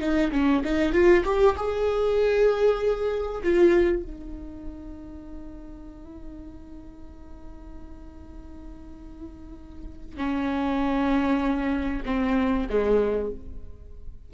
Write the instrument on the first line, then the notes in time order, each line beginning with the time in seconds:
viola
0.00 D#4
0.31 C#4
0.64 D#4
0.93 F4
1.24 G4
1.56 G#4
3.43 F4
4.02 D#4
10.17 C#4
12.05 C4
12.69 G#3